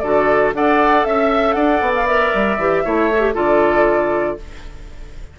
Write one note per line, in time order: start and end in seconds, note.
0.00 0.53 D3
0.00 0.54 F#4
0.00 0.54 A4
0.00 0.51 D5
0.54 1.05 D4
0.54 2.07 A4
0.54 1.08 D5
0.54 1.05 F#5
1.05 1.55 C#4
1.05 1.53 E5
1.05 1.55 E5
1.53 1.81 D4
1.53 2.84 D5
1.53 1.91 F#5
1.81 2.32 B3
1.96 2.07 F5
2.07 2.58 A#4
2.07 3.35 E5
2.34 2.58 G3
2.58 2.83 E3
2.58 2.85 G4
2.84 3.35 A3
2.84 3.11 E4
2.84 3.34 C#5
3.12 3.21 A4
3.21 3.34 G4
3.34 4.38 D3
3.34 4.37 F4
3.34 4.37 A4
3.34 4.39 D5